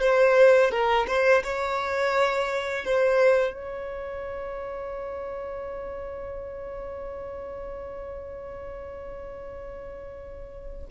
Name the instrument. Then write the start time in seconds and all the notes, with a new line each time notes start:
violin
0.00 C5
0.71 A#4
1.07 C5
1.44 C#5
2.85 C5
3.54 C#5